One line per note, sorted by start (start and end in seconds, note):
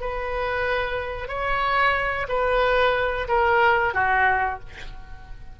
0.00 1.28 B4
1.28 2.27 C#5
2.28 3.27 B4
3.28 3.94 A#4
3.94 4.59 F#4